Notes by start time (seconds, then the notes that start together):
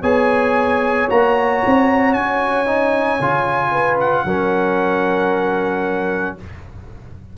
0.00 B3 G#4 C#5 G#5
1.09 A#3 F#4 A#5
1.65 C4
2.13 C#4 G#5
2.66 D#4
3.20 C#3 F4
3.71 B4
3.99 F#5
4.25 F#3 C#4 A#4